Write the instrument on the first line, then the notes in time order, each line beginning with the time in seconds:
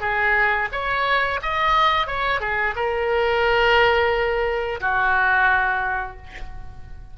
oboe
0.00 G#4
0.72 C#5
1.42 D#5
2.06 C#5
2.40 G#4
2.75 A#4
4.80 F#4